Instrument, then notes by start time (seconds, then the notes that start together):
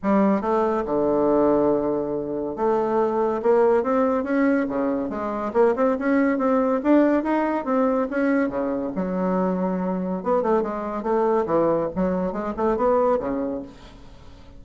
bassoon
0.02 G3
0.41 A3
0.85 D3
2.56 A3
3.42 A#3
3.83 C4
4.23 C#4
4.68 C#3
5.09 G#3
5.53 A#3
5.75 C4
5.98 C#4
6.38 C4
6.83 D4
7.23 D#4
7.65 C4
8.10 C#4
8.49 C#3
8.95 F#3
10.23 B3
10.42 A3
10.62 G#3
11.03 A3
11.46 E3
11.95 F#3
12.32 G#3
12.56 A3
12.76 B3
13.19 C#3